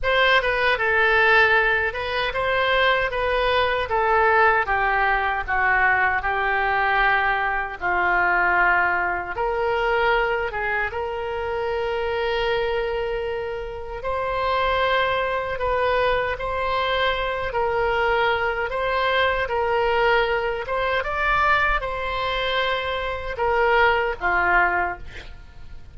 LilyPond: \new Staff \with { instrumentName = "oboe" } { \time 4/4 \tempo 4 = 77 c''8 b'8 a'4. b'8 c''4 | b'4 a'4 g'4 fis'4 | g'2 f'2 | ais'4. gis'8 ais'2~ |
ais'2 c''2 | b'4 c''4. ais'4. | c''4 ais'4. c''8 d''4 | c''2 ais'4 f'4 | }